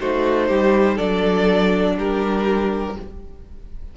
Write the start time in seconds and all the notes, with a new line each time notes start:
0.00 A3 D#4 F#4 C5
0.48 G3 G4
0.95 F#3 D4 A4 D5
1.97 G3 G4 A#4